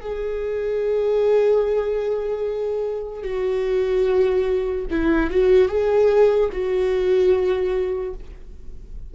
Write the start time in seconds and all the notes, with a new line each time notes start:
0.00 G#4
3.23 F#4
4.90 E4
5.30 F#4
5.68 G#4
6.52 F#4